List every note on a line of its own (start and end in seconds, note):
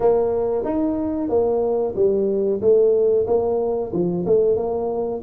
0.00 0.64 A#3
0.64 1.29 D#4
1.29 1.94 A#3
1.95 2.61 G3
2.61 3.26 A3
3.26 3.92 A#3
3.92 4.25 F3
4.26 4.56 A3
4.56 5.21 A#3